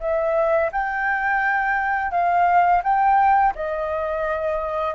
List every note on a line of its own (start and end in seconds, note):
0.00 0.71 E5
0.72 2.11 G5
2.11 2.82 F5
2.83 3.54 G5
3.55 4.94 D#5